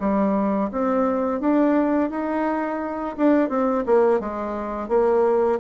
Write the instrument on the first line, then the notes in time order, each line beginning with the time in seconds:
bassoon
0.00 G3
0.72 C4
1.41 D4
2.10 D#4
3.18 D4
3.49 C4
3.86 A#3
4.20 G#3
4.89 A#3